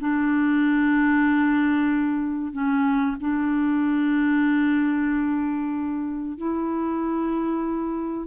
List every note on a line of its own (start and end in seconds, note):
0.00 2.53 D4
2.53 3.17 C#4
3.20 6.37 D4
6.37 8.27 E4